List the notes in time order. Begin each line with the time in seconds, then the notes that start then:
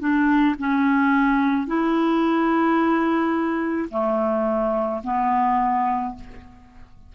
0.00 D4
0.59 C#4
1.67 E4
3.90 A3
5.04 B3